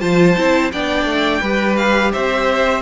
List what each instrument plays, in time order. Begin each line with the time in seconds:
0.00 cello F3, viola F4, violin C5 A5
0.37 cello C4, viola E4
0.72 cello B3, viola D4, violin D5 G5
1.05 cello A3
1.41 cello G3, viola G4, violin B4
1.76 violin F5
2.12 cello C4, violin C5 E5